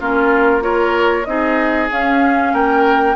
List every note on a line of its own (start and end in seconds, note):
0.00 1.27 A#3
0.00 0.61 C#4
0.00 0.63 F4
0.00 0.63 A#4
0.61 1.24 F4
0.61 1.27 A#4
0.61 1.25 C#5
1.25 1.90 C4
1.25 1.90 D#4
1.25 2.53 G#4
1.25 1.88 D#5
1.90 3.16 C#4
1.90 2.53 C#4
1.90 2.54 F5
2.53 3.16 A#3
2.53 3.16 A#4
2.53 3.16 G5